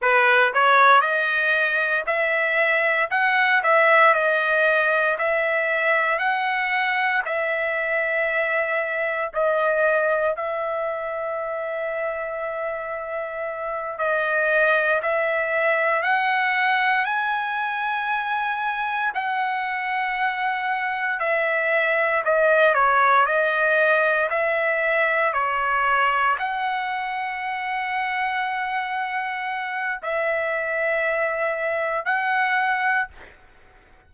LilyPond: \new Staff \with { instrumentName = "trumpet" } { \time 4/4 \tempo 4 = 58 b'8 cis''8 dis''4 e''4 fis''8 e''8 | dis''4 e''4 fis''4 e''4~ | e''4 dis''4 e''2~ | e''4. dis''4 e''4 fis''8~ |
fis''8 gis''2 fis''4.~ | fis''8 e''4 dis''8 cis''8 dis''4 e''8~ | e''8 cis''4 fis''2~ fis''8~ | fis''4 e''2 fis''4 | }